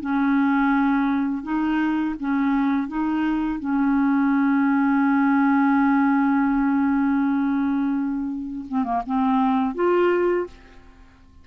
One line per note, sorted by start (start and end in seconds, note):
0.00 1.43 C#4
1.43 2.15 D#4
2.19 2.87 C#4
2.87 3.59 D#4
3.59 8.65 C#4
8.68 8.84 C4
8.84 9.02 A#3
9.06 9.74 C4
9.74 10.47 F4